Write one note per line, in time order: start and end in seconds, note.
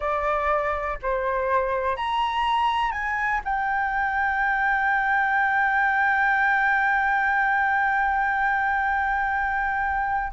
0.00 0.98 D5
1.02 1.96 C5
1.96 2.92 A#5
2.92 3.41 G#5
3.44 10.33 G5